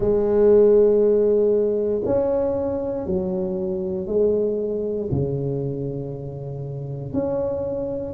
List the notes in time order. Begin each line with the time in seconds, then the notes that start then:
0.00 G#3
2.05 C#4
3.06 F#3
4.07 G#3
5.11 C#3
7.13 C#4